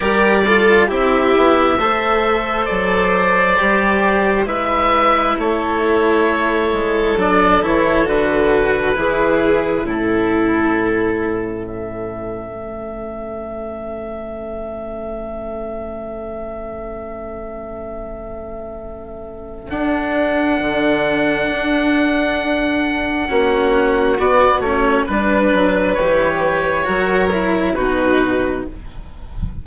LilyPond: <<
  \new Staff \with { instrumentName = "oboe" } { \time 4/4 \tempo 4 = 67 d''4 e''2 d''4~ | d''4 e''4 cis''2 | d''8 cis''8 b'2 a'4~ | a'4 e''2.~ |
e''1~ | e''2 fis''2~ | fis''2. d''8 cis''8 | b'4 cis''2 b'4 | }
  \new Staff \with { instrumentName = "violin" } { \time 4/4 ais'8 a'8 g'4 c''2~ | c''4 b'4 a'2~ | a'2 gis'4 e'4~ | e'4 a'2.~ |
a'1~ | a'1~ | a'2 fis'2 | b'2 ais'4 fis'4 | }
  \new Staff \with { instrumentName = "cello" } { \time 4/4 g'8 f'8 e'4 a'2 | g'4 e'2. | d'8 e'8 fis'4 e'4 cis'4~ | cis'1~ |
cis'1~ | cis'2 d'2~ | d'2 cis'4 b8 cis'8 | d'4 g'4 fis'8 e'8 dis'4 | }
  \new Staff \with { instrumentName = "bassoon" } { \time 4/4 g4 c'8 b8 a4 fis4 | g4 gis4 a4. gis8 | fis8 e8 d4 e4 a,4~ | a,2 a2~ |
a1~ | a2 d'4 d4 | d'2 ais4 b8 a8 | g8 fis8 e4 fis4 b,4 | }
>>